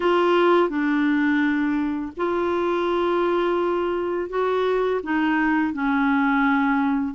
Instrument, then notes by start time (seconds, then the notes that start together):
clarinet
0.00 F4
0.69 D4
2.16 F4
4.29 F#4
5.03 D#4
5.73 C#4